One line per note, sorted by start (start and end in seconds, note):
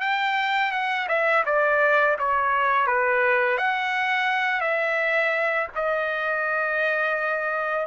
0.00 0.71 G5
0.71 1.07 F#5
1.08 1.44 E5
1.45 2.17 D5
2.19 2.86 C#5
2.86 3.57 B4
3.57 4.61 F#5
4.61 5.68 E5
5.75 7.86 D#5